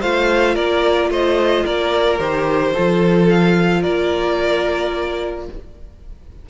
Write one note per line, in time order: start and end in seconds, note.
0.00 0.56 A3
0.00 2.19 F4
0.00 0.55 C5
0.00 0.56 F5
0.55 1.10 A#3
0.55 1.09 A#4
0.55 1.10 D5
1.10 1.65 A3
1.10 1.65 C5
1.10 1.66 D#5
1.65 2.19 A#3
1.65 2.73 A#4
1.65 2.19 D5
2.19 2.74 D#3
2.19 2.73 G4
2.19 3.28 C5
2.73 3.85 F3
2.73 5.49 F4
2.73 3.81 A4
3.30 3.83 F5
3.81 5.49 A#3
3.81 5.45 A#4
3.81 5.46 D5